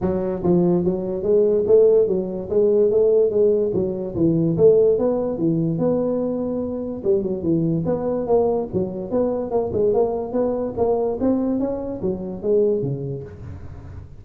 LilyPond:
\new Staff \with { instrumentName = "tuba" } { \time 4/4 \tempo 4 = 145 fis4 f4 fis4 gis4 | a4 fis4 gis4 a4 | gis4 fis4 e4 a4 | b4 e4 b2~ |
b4 g8 fis8 e4 b4 | ais4 fis4 b4 ais8 gis8 | ais4 b4 ais4 c'4 | cis'4 fis4 gis4 cis4 | }